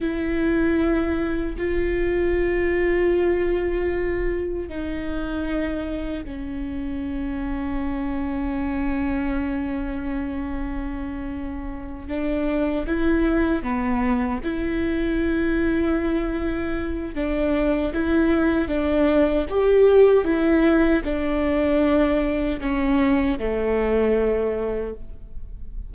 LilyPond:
\new Staff \with { instrumentName = "viola" } { \time 4/4 \tempo 4 = 77 e'2 f'2~ | f'2 dis'2 | cis'1~ | cis'2.~ cis'8 d'8~ |
d'8 e'4 b4 e'4.~ | e'2 d'4 e'4 | d'4 g'4 e'4 d'4~ | d'4 cis'4 a2 | }